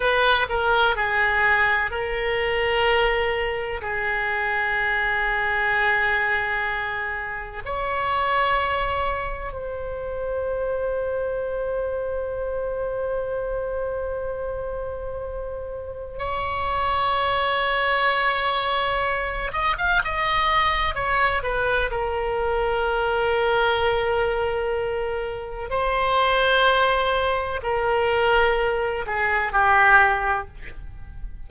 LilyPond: \new Staff \with { instrumentName = "oboe" } { \time 4/4 \tempo 4 = 63 b'8 ais'8 gis'4 ais'2 | gis'1 | cis''2 c''2~ | c''1~ |
c''4 cis''2.~ | cis''8 dis''16 f''16 dis''4 cis''8 b'8 ais'4~ | ais'2. c''4~ | c''4 ais'4. gis'8 g'4 | }